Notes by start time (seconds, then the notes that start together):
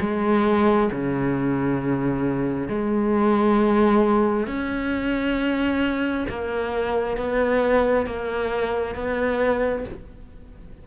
0.00 G#3
0.91 C#3
2.68 G#3
4.47 C#4
6.29 A#3
7.17 B3
8.06 A#3
8.95 B3